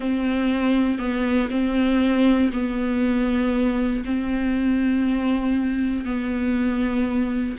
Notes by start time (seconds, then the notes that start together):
0.00 C4
0.99 B3
1.50 C4
2.52 B3
4.04 C4
6.05 B3